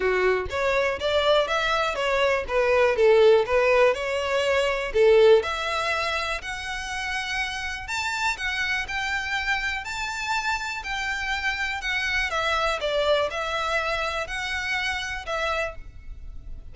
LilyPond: \new Staff \with { instrumentName = "violin" } { \time 4/4 \tempo 4 = 122 fis'4 cis''4 d''4 e''4 | cis''4 b'4 a'4 b'4 | cis''2 a'4 e''4~ | e''4 fis''2. |
a''4 fis''4 g''2 | a''2 g''2 | fis''4 e''4 d''4 e''4~ | e''4 fis''2 e''4 | }